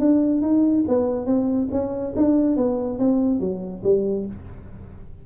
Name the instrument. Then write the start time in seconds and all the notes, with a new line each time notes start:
tuba
0.00 D4
0.42 D#4
0.88 B3
1.26 C4
1.72 C#4
2.17 D4
2.57 B3
2.99 C4
3.40 F#3
3.84 G3